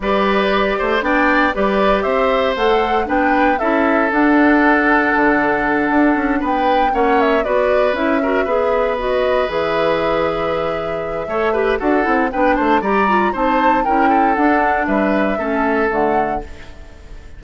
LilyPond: <<
  \new Staff \with { instrumentName = "flute" } { \time 4/4 \tempo 4 = 117 d''2 g''4 d''4 | e''4 fis''4 g''4 e''4 | fis''1~ | fis''8 g''4 fis''8 e''8 d''4 e''8~ |
e''4. dis''4 e''4.~ | e''2. fis''4 | g''8 a''8 ais''4 a''4 g''4 | fis''4 e''2 fis''4 | }
  \new Staff \with { instrumentName = "oboe" } { \time 4/4 b'4. c''8 d''4 b'4 | c''2 b'4 a'4~ | a'1~ | a'8 b'4 cis''4 b'4. |
ais'8 b'2.~ b'8~ | b'2 cis''8 b'8 a'4 | b'8 c''8 d''4 c''4 ais'8 a'8~ | a'4 b'4 a'2 | }
  \new Staff \with { instrumentName = "clarinet" } { \time 4/4 g'2 d'4 g'4~ | g'4 a'4 d'4 e'4 | d'1~ | d'4. cis'4 fis'4 e'8 |
fis'8 gis'4 fis'4 gis'4.~ | gis'2 a'8 g'8 fis'8 e'8 | d'4 g'8 f'8 dis'4 e'4 | d'2 cis'4 a4 | }
  \new Staff \with { instrumentName = "bassoon" } { \time 4/4 g4. a8 b4 g4 | c'4 a4 b4 cis'4 | d'2 d4. d'8 | cis'8 b4 ais4 b4 cis'8~ |
cis'8 b2 e4.~ | e2 a4 d'8 c'8 | b8 a8 g4 c'4 cis'4 | d'4 g4 a4 d4 | }
>>